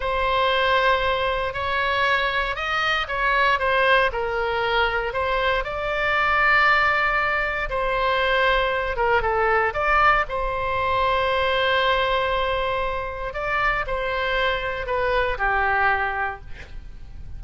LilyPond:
\new Staff \with { instrumentName = "oboe" } { \time 4/4 \tempo 4 = 117 c''2. cis''4~ | cis''4 dis''4 cis''4 c''4 | ais'2 c''4 d''4~ | d''2. c''4~ |
c''4. ais'8 a'4 d''4 | c''1~ | c''2 d''4 c''4~ | c''4 b'4 g'2 | }